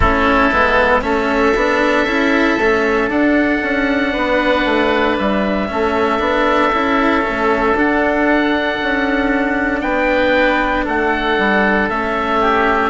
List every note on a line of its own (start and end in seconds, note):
0.00 0.50 A3
0.00 0.51 C#4
0.00 1.01 E4
0.00 1.02 A4
0.51 1.03 G#3
0.51 1.01 B3
1.01 1.54 A3
1.01 1.52 C#4
1.01 4.12 A4
1.01 3.09 E5
1.55 2.05 B3
1.55 2.06 D4
2.05 2.56 C#4
2.05 2.58 E4
2.57 3.08 A3
2.57 3.10 C#4
3.08 3.60 D4
3.08 5.68 D4
3.08 5.17 F#5
3.62 4.14 C#4
4.12 4.65 B3
4.12 5.67 B4
4.65 5.17 A3
5.18 5.70 G3
5.18 7.77 E5
5.68 6.20 A3
5.68 6.19 C#4
5.68 9.83 A4
6.19 6.71 B3
6.19 6.71 D4
6.72 7.24 C#4
6.72 7.21 E4
7.21 7.73 C#4
7.29 7.73 A3
7.73 8.77 D4
7.73 11.90 D4
7.73 9.80 F#5
8.82 9.82 C#4
9.80 10.86 B3
9.80 10.84 B4
9.80 10.83 G5
10.84 11.38 A3
10.84 12.39 A4
10.84 11.89 F#5
11.38 11.89 G3
11.89 12.89 A3
11.89 12.89 C#4
11.89 12.89 E5
12.40 12.89 G4